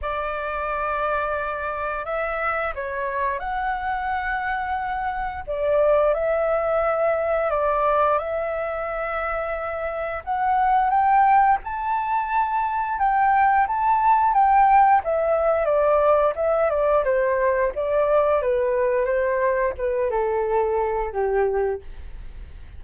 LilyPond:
\new Staff \with { instrumentName = "flute" } { \time 4/4 \tempo 4 = 88 d''2. e''4 | cis''4 fis''2. | d''4 e''2 d''4 | e''2. fis''4 |
g''4 a''2 g''4 | a''4 g''4 e''4 d''4 | e''8 d''8 c''4 d''4 b'4 | c''4 b'8 a'4. g'4 | }